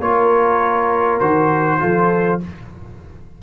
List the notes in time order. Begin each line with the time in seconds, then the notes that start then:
0.00 A#3 F4 A#4 C#5
1.20 D#3 F#4 C5
1.80 F3 F4 A4